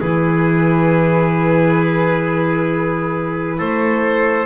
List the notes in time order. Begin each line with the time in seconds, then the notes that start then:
0.00 E3 E4 G#4 B4
3.58 A3 A4 C5